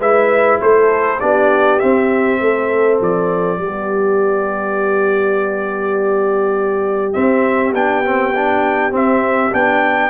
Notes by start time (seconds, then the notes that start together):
0.00 G#3 E4 B4 E5
0.61 A3 A4 C5
1.20 B3 D4 G4 D5
1.79 C4 E5
2.41 A3 A4
3.01 F3 D5
3.58 G3 B3 G4
7.13 C4 E5
7.73 B3 D4 G5
8.05 C4
8.35 D4
8.92 C4 E5
9.52 B3 D4 G5